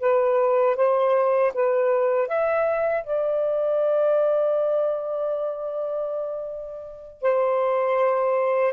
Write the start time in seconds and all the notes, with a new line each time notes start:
0.00 B4
0.76 C5
1.54 B4
2.28 E5
3.04 D5
7.22 C5